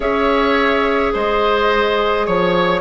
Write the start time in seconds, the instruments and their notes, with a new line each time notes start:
0.00 bassoon C#4, clarinet G#4, oboe C#5, flute E5
1.13 bassoon G#3, oboe C5, flute D#5
2.26 bassoon F3, oboe C#5, flute C#5